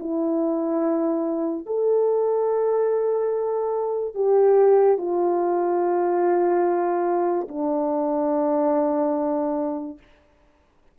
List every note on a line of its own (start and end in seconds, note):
0.00 1.67 E4
1.67 4.15 A4
4.15 4.98 G4
4.98 7.48 F4
7.48 9.98 D4